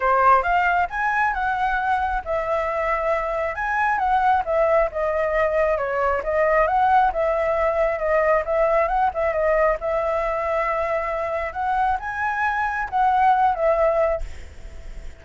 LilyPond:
\new Staff \with { instrumentName = "flute" } { \time 4/4 \tempo 4 = 135 c''4 f''4 gis''4 fis''4~ | fis''4 e''2. | gis''4 fis''4 e''4 dis''4~ | dis''4 cis''4 dis''4 fis''4 |
e''2 dis''4 e''4 | fis''8 e''8 dis''4 e''2~ | e''2 fis''4 gis''4~ | gis''4 fis''4. e''4. | }